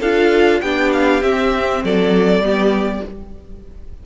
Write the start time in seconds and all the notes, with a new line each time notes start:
0.00 D4 F4 A4 F5
0.60 B3 D4 G4 G5
0.93 F5
1.21 C4 E5
1.83 F#3 A4 D5
2.39 G3 B3 G4